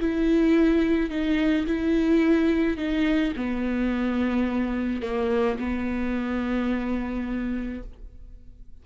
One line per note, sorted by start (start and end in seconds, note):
0.00 1.10 E4
1.10 1.66 D#4
1.66 2.77 E4
2.77 3.33 D#4
3.36 5.02 B3
5.02 5.58 A#3
5.58 7.83 B3